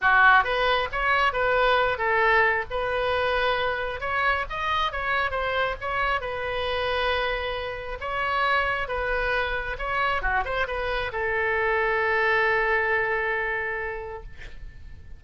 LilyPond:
\new Staff \with { instrumentName = "oboe" } { \time 4/4 \tempo 4 = 135 fis'4 b'4 cis''4 b'4~ | b'8 a'4. b'2~ | b'4 cis''4 dis''4 cis''4 | c''4 cis''4 b'2~ |
b'2 cis''2 | b'2 cis''4 fis'8 c''8 | b'4 a'2.~ | a'1 | }